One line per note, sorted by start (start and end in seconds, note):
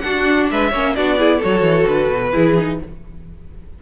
0.00 0.72 D4
0.00 0.50 D4
0.00 0.51 F#4
0.00 0.46 F#5
0.50 0.73 G#3
0.50 0.70 B4
0.50 0.95 E5
0.70 0.96 A#3
0.70 0.96 C#4
0.70 0.93 C#5
0.95 1.43 B3
0.95 1.17 D4
0.95 1.18 F#4
0.95 1.41 D5
1.17 1.41 E4
1.17 1.37 G#4
1.37 2.32 F#4
1.37 2.30 A4
1.37 1.87 C#5
1.44 1.62 F#3
1.62 1.85 E3
1.87 2.08 D3
1.87 2.79 B4
2.08 2.31 B2
2.32 2.82 E3
2.32 2.55 E4
2.32 2.78 G#4
2.58 2.81 D#4